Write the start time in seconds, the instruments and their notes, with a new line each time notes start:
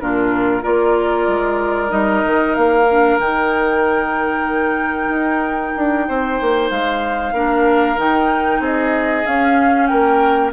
0.00 bassoon A#2, clarinet D4, oboe F4, flute A#4
0.63 bassoon A#3, clarinet F4, oboe A#4, flute D5
1.28 bassoon G#3
1.88 bassoon G3, clarinet D#4, flute D#5
2.25 bassoon D#3
2.55 bassoon A#3, flute F5
2.91 clarinet D4
3.19 bassoon D#3, clarinet D#4, flute G5
5.09 bassoon D#4
5.77 bassoon D4
6.09 bassoon C4, oboe C5
6.41 bassoon A#3
6.71 bassoon G#3, flute F5
7.34 bassoon A#3, clarinet D4, oboe A#4
7.98 bassoon D#3, clarinet D#4, flute G5
8.60 bassoon C4, oboe G#4, flute D#5
9.26 clarinet C#4, bassoon C#4, flute F5
9.87 bassoon A#3, oboe A#4, flute G5